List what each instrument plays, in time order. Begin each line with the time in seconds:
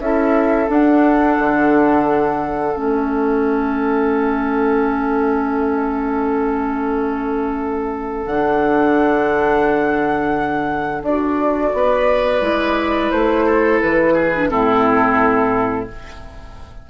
0.00 bassoon C#4, clarinet E4, oboe A4, flute E5
0.69 clarinet D4, bassoon D4, flute F#5
1.39 bassoon D3
2.75 bassoon A3, clarinet C#4, flute E5
8.27 bassoon D3, clarinet D4, flute F#5
11.02 bassoon D4, clarinet F#4, flute D5
11.74 bassoon B3, oboe B4
12.42 bassoon G#3, clarinet E4
13.11 bassoon A3, flute C5
13.46 oboe A4
13.82 bassoon E3, flute B4
14.14 oboe G#4
14.35 clarinet D4
14.50 bassoon A2, clarinet C4, oboe E4, flute A4